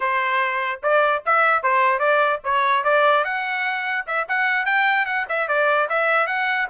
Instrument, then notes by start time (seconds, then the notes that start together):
trumpet
0.00 C5
0.82 D5
1.25 E5
1.62 C5
1.99 D5
2.44 C#5
2.84 D5
3.24 F#5
4.06 E5
4.28 F#5
4.65 G5
5.05 F#5
5.28 E5
5.47 D5
5.89 E5
6.26 F#5